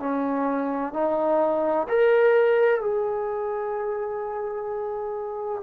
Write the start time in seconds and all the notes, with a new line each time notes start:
0.00 C#4
0.93 D#4
1.88 A#4
2.81 G#4